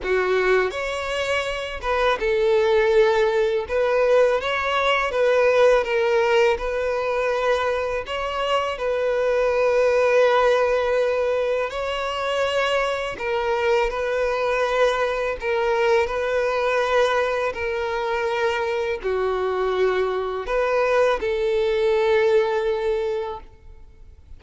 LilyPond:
\new Staff \with { instrumentName = "violin" } { \time 4/4 \tempo 4 = 82 fis'4 cis''4. b'8 a'4~ | a'4 b'4 cis''4 b'4 | ais'4 b'2 cis''4 | b'1 |
cis''2 ais'4 b'4~ | b'4 ais'4 b'2 | ais'2 fis'2 | b'4 a'2. | }